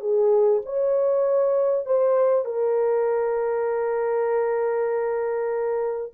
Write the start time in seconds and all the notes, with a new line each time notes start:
0.00 G#4
0.65 C#5
1.85 C5
2.45 A#4